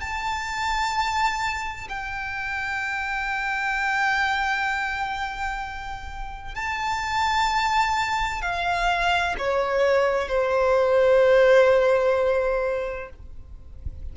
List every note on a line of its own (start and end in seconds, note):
0.00 1.87 A5
1.89 6.55 G5
6.55 8.42 A5
8.42 9.35 F5
9.38 10.28 C#5
10.28 13.10 C5